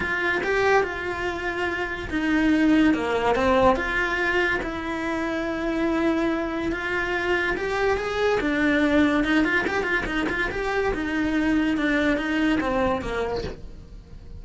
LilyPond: \new Staff \with { instrumentName = "cello" } { \time 4/4 \tempo 4 = 143 f'4 g'4 f'2~ | f'4 dis'2 ais4 | c'4 f'2 e'4~ | e'1 |
f'2 g'4 gis'4 | d'2 dis'8 f'8 g'8 f'8 | dis'8 f'8 g'4 dis'2 | d'4 dis'4 c'4 ais4 | }